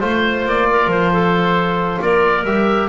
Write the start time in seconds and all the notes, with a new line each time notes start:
0.00 A3 F4 C5
0.46 A#3 D5
0.70 A#4
0.87 F3 C5
1.12 A4
2.02 A#3 A#4 D5
2.44 G3 G4 E5